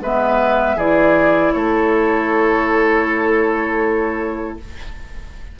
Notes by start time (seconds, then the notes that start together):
0.00 G#3 B3 B4 E5
0.76 E3 E4 G#4 D5
1.53 A3 A4 C#5